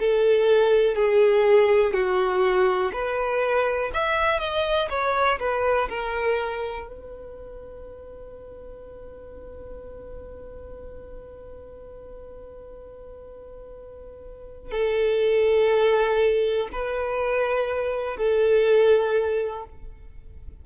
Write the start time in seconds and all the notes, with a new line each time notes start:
0.00 A4
0.96 G#4
1.94 F#4
2.93 B4
3.94 E5
4.40 D#5
4.90 C#5
5.40 B4
5.90 A#4
6.88 B4
14.72 A4
16.73 B4
18.18 A4